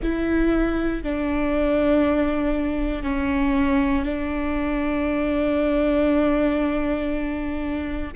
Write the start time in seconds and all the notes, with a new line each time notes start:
0.02 E4
1.03 D4
3.02 C#4
4.04 D4